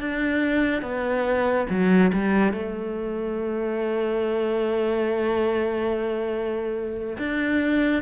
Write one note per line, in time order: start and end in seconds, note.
0.00 0.82 D4
0.82 1.66 B3
1.69 2.12 F#3
2.13 2.52 G3
2.52 7.17 A3
7.18 8.02 D4